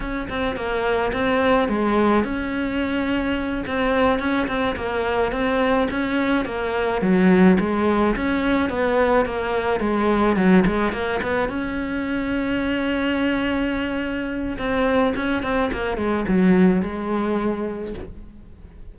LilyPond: \new Staff \with { instrumentName = "cello" } { \time 4/4 \tempo 4 = 107 cis'8 c'8 ais4 c'4 gis4 | cis'2~ cis'8 c'4 cis'8 | c'8 ais4 c'4 cis'4 ais8~ | ais8 fis4 gis4 cis'4 b8~ |
b8 ais4 gis4 fis8 gis8 ais8 | b8 cis'2.~ cis'8~ | cis'2 c'4 cis'8 c'8 | ais8 gis8 fis4 gis2 | }